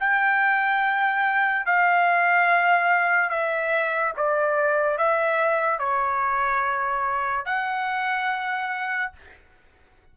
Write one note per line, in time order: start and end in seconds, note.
0.00 1.66 G5
1.66 3.30 F5
3.30 4.13 E5
4.17 4.98 D5
4.98 5.79 E5
5.79 7.46 C#5
7.46 9.12 F#5